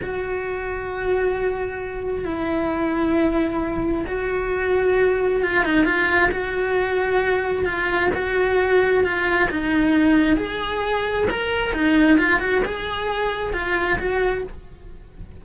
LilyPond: \new Staff \with { instrumentName = "cello" } { \time 4/4 \tempo 4 = 133 fis'1~ | fis'4 e'2.~ | e'4 fis'2. | f'8 dis'8 f'4 fis'2~ |
fis'4 f'4 fis'2 | f'4 dis'2 gis'4~ | gis'4 ais'4 dis'4 f'8 fis'8 | gis'2 f'4 fis'4 | }